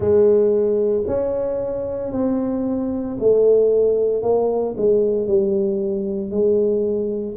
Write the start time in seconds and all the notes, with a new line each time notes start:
0.00 G#3
1.07 C#4
2.11 C4
3.19 A3
4.22 A#3
4.77 G#3
5.27 G3
6.31 G#3